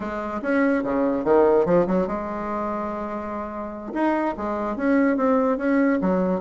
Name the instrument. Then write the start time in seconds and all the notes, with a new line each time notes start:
bassoon
0.00 G#3
0.42 C#4
0.84 C#3
1.24 D#3
1.65 F3
1.86 F#3
2.07 G#3
3.93 D#4
4.37 G#3
4.76 C#4
5.16 C4
5.57 C#4
6.01 F#3